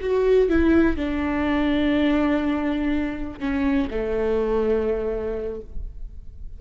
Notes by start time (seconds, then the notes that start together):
0.00 F#4
0.49 E4
0.96 D4
3.39 C#4
3.90 A3